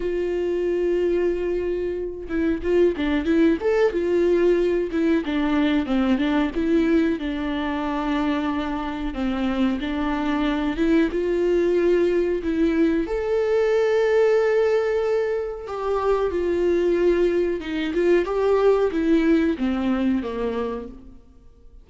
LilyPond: \new Staff \with { instrumentName = "viola" } { \time 4/4 \tempo 4 = 92 f'2.~ f'8 e'8 | f'8 d'8 e'8 a'8 f'4. e'8 | d'4 c'8 d'8 e'4 d'4~ | d'2 c'4 d'4~ |
d'8 e'8 f'2 e'4 | a'1 | g'4 f'2 dis'8 f'8 | g'4 e'4 c'4 ais4 | }